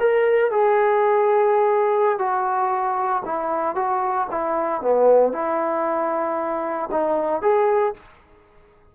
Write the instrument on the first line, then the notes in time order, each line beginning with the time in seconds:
trombone
0.00 A#4
0.51 G#4
2.19 F#4
3.26 E4
3.76 F#4
4.31 E4
4.82 B3
5.33 E4
6.92 D#4
7.42 G#4